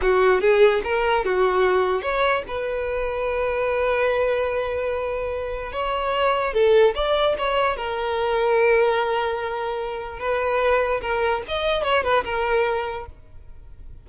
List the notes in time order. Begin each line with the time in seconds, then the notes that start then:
0.01 F#4
0.41 G#4
0.84 A#4
1.24 F#4
2.01 C#5
2.47 B4
5.72 C#5
6.53 A4
6.94 D5
7.37 C#5
7.76 A#4
10.19 B4
11.01 A#4
11.48 D#5
11.83 C#5
12.03 B4
12.24 A#4